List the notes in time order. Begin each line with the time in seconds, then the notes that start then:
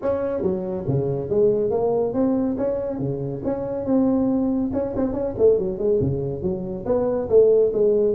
0.02 C#4
0.41 F#3
0.87 C#3
1.29 G#3
1.70 A#3
2.13 C4
2.57 C#4
2.99 C#3
3.44 C#4
3.85 C4
4.73 C#4
4.96 C4
5.13 C#4
5.37 A3
5.58 F#3
5.78 G#3
6.00 C#3
6.42 F#3
6.85 B3
7.29 A3
7.73 G#3